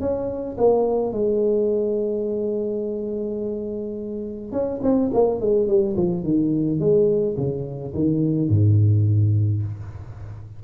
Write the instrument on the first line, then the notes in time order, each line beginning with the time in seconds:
tuba
0.00 C#4
0.58 A#3
1.13 G#3
4.52 C#4
4.82 C4
5.14 A#3
5.41 G#3
5.68 G3
5.96 F3
6.24 D#3
6.80 G#3
7.37 C#3
7.95 D#3
8.49 G#2